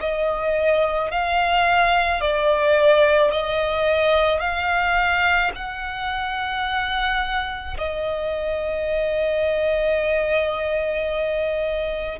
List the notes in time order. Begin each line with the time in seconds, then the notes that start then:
0.00 D#5
1.11 F5
2.21 D5
3.31 D#5
4.40 F5
5.55 F#5
7.78 D#5